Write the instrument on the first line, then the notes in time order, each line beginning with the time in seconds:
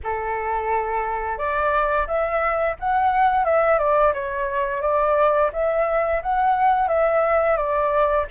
flute
0.03 A4
1.38 D5
2.07 E5
2.79 F#5
3.45 E5
3.78 D5
4.13 C#5
4.81 D5
5.52 E5
6.22 F#5
6.88 E5
7.56 D5